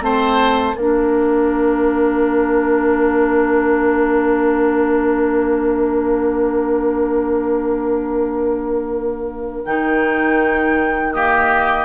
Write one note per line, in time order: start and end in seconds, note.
0.00 0.74 A3
0.00 0.74 C4
0.00 0.76 C5
0.00 0.77 A5
0.75 9.63 A#3
0.75 9.66 D4
0.75 11.13 A#4
0.75 9.64 F5
9.64 11.84 D#3
9.64 11.14 D#4
9.64 11.12 G5
11.13 11.84 A#3
11.13 11.84 G4
11.13 11.84 D#5